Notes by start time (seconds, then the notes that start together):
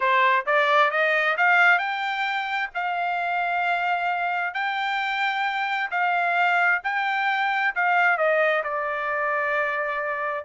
0.00 C5
0.46 D5
0.90 D#5
1.37 F5
1.78 G5
2.74 F5
4.53 G5
5.90 F5
6.83 G5
7.75 F5
8.17 D#5
8.63 D5